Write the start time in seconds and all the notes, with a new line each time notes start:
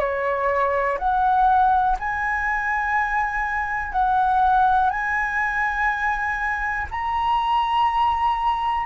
0.00 C#5
0.99 F#5
2.00 G#5
3.93 F#5
4.90 G#5
6.91 A#5